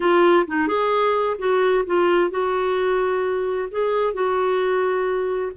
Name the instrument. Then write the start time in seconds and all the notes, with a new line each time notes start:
clarinet
0.00 F4
0.47 D#4
0.67 G#4
1.38 F#4
1.86 F4
2.30 F#4
3.70 G#4
4.13 F#4